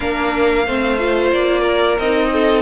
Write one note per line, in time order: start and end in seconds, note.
0.00 0.66 A#3
0.00 0.65 D4
0.00 0.65 A#4
0.00 1.31 F5
0.66 1.32 A3
0.66 0.98 C4
0.66 1.61 C5
0.98 1.97 F4
1.32 1.98 A#3
1.32 1.98 D5
1.61 2.27 A#4
1.98 2.61 C4
1.98 2.61 D#4
1.98 2.61 D#5
2.32 2.61 A4